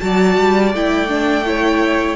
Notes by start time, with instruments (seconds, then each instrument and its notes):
0.00 cello F#3, viola F#4, violin D5 A5
0.38 cello G3
0.73 cello A3, viola E4, violin G5
1.08 viola D4
1.45 viola E4, violin C#5